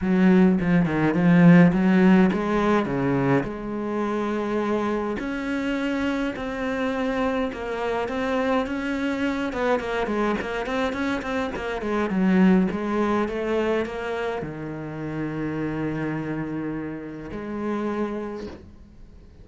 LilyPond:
\new Staff \with { instrumentName = "cello" } { \time 4/4 \tempo 4 = 104 fis4 f8 dis8 f4 fis4 | gis4 cis4 gis2~ | gis4 cis'2 c'4~ | c'4 ais4 c'4 cis'4~ |
cis'8 b8 ais8 gis8 ais8 c'8 cis'8 c'8 | ais8 gis8 fis4 gis4 a4 | ais4 dis2.~ | dis2 gis2 | }